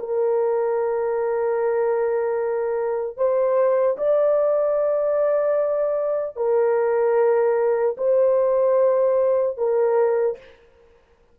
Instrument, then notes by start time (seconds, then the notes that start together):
horn
0.00 A#4
3.17 C5
3.98 D5
6.36 A#4
7.98 C5
9.58 A#4